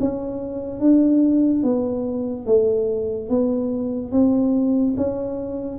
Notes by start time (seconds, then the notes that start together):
0.00 C#4
0.80 D4
1.64 B3
2.46 A3
3.29 B3
4.12 C4
4.97 C#4